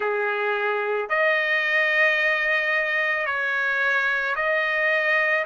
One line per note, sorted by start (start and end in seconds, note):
0.00 1.09 G#4
1.09 3.26 D#5
3.26 4.35 C#5
4.35 5.44 D#5